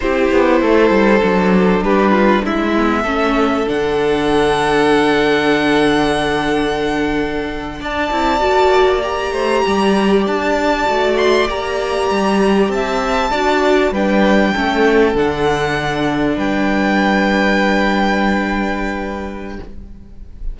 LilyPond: <<
  \new Staff \with { instrumentName = "violin" } { \time 4/4 \tempo 4 = 98 c''2. b'4 | e''2 fis''2~ | fis''1~ | fis''8. a''2 ais''4~ ais''16~ |
ais''8. a''4. c'''8 ais''4~ ais''16~ | ais''8. a''2 g''4~ g''16~ | g''8. fis''2 g''4~ g''16~ | g''1 | }
  \new Staff \with { instrumentName = "violin" } { \time 4/4 g'4 a'2 g'8 f'8 | e'4 a'2.~ | a'1~ | a'8. d''2~ d''8 c''8 d''16~ |
d''1~ | d''8. e''4 d''4 b'4 a'16~ | a'2~ a'8. b'4~ b'16~ | b'1 | }
  \new Staff \with { instrumentName = "viola" } { \time 4/4 e'2 d'2~ | d'8 b8 cis'4 d'2~ | d'1~ | d'4~ d'16 e'8 fis'4 g'4~ g'16~ |
g'4.~ g'16 fis'4 g'4~ g'16~ | g'4.~ g'16 fis'4 d'4 cis'16~ | cis'8. d'2.~ d'16~ | d'1 | }
  \new Staff \with { instrumentName = "cello" } { \time 4/4 c'8 b8 a8 g8 fis4 g4 | gis4 a4 d2~ | d1~ | d8. d'8 c'8 ais4. a8 g16~ |
g8. d'4 a4 ais4 g16~ | g8. c'4 d'4 g4 a16~ | a8. d2 g4~ g16~ | g1 | }
>>